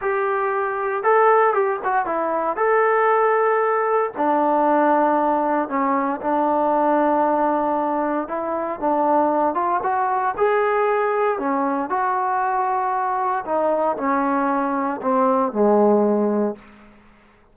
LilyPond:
\new Staff \with { instrumentName = "trombone" } { \time 4/4 \tempo 4 = 116 g'2 a'4 g'8 fis'8 | e'4 a'2. | d'2. cis'4 | d'1 |
e'4 d'4. f'8 fis'4 | gis'2 cis'4 fis'4~ | fis'2 dis'4 cis'4~ | cis'4 c'4 gis2 | }